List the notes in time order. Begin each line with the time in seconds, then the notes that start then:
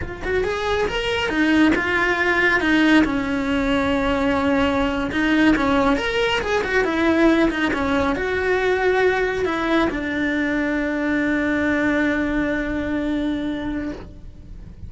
0.01 F4
0.24 F#4
0.44 G#4
0.88 A#4
1.29 D#4
1.75 F4
2.60 D#4
3.04 C#4
5.11 D#4
5.56 C#4
5.97 A#4
6.40 G#4
6.63 F#4
6.84 E4
7.50 D#4
7.73 C#4
8.15 F#4
9.45 E4
9.90 D4